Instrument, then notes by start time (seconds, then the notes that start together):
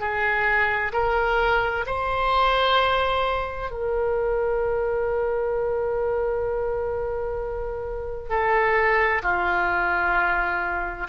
oboe
0.00 G#4
0.93 A#4
1.86 C5
3.71 A#4
8.30 A4
9.23 F4